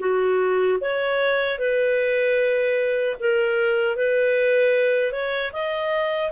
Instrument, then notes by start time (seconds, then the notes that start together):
clarinet
0.00 F#4
0.81 C#5
1.59 B4
3.20 A#4
3.97 B4
5.13 C#5
5.53 D#5